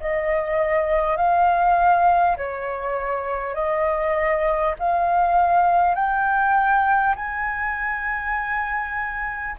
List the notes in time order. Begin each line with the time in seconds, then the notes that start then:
0.00 D#5
1.16 F5
2.37 C#5
3.55 D#5
4.79 F5
5.95 G5
7.16 G#5